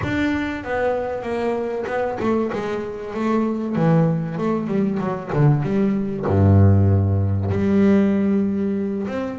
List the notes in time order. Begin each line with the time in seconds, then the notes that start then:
0.03 D4
0.64 B3
1.22 A#3
1.86 B3
2.19 A3
2.52 G#3
3.14 A3
3.75 E3
4.38 A3
4.67 G3
4.99 F#3
5.33 D3
5.62 G3
6.26 G2
7.50 G3
9.07 C4